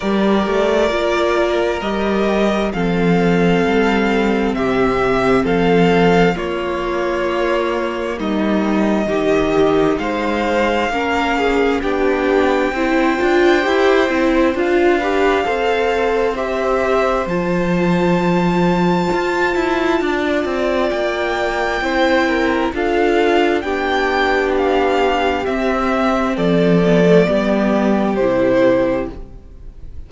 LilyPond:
<<
  \new Staff \with { instrumentName = "violin" } { \time 4/4 \tempo 4 = 66 d''2 dis''4 f''4~ | f''4 e''4 f''4 cis''4~ | cis''4 dis''2 f''4~ | f''4 g''2. |
f''2 e''4 a''4~ | a''2. g''4~ | g''4 f''4 g''4 f''4 | e''4 d''2 c''4 | }
  \new Staff \with { instrumentName = "violin" } { \time 4/4 ais'2. a'4~ | a'4 g'4 a'4 f'4~ | f'4 dis'4 g'4 c''4 | ais'8 gis'8 g'4 c''2~ |
c''8 b'8 c''2.~ | c''2 d''2 | c''8 ais'8 a'4 g'2~ | g'4 a'4 g'2 | }
  \new Staff \with { instrumentName = "viola" } { \time 4/4 g'4 f'4 g'4 c'4~ | c'2. ais4~ | ais2 dis'2 | cis'4 d'4 e'8 f'8 g'8 e'8 |
f'8 g'8 a'4 g'4 f'4~ | f'1 | e'4 f'4 d'2 | c'4. b16 a16 b4 e'4 | }
  \new Staff \with { instrumentName = "cello" } { \time 4/4 g8 a8 ais4 g4 f4 | g4 c4 f4 ais4~ | ais4 g4 dis4 gis4 | ais4 b4 c'8 d'8 e'8 c'8 |
d'4 c'2 f4~ | f4 f'8 e'8 d'8 c'8 ais4 | c'4 d'4 b2 | c'4 f4 g4 c4 | }
>>